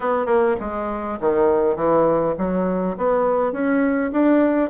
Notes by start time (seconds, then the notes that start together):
0.00 B3
0.26 A#3
0.59 G#3
1.20 D#3
1.76 E3
2.37 F#3
2.97 B3
3.52 C#4
4.11 D4